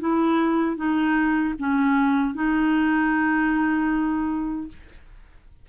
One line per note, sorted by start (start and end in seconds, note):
0.00 0.77 E4
0.77 1.54 D#4
1.59 2.34 C#4
2.34 4.68 D#4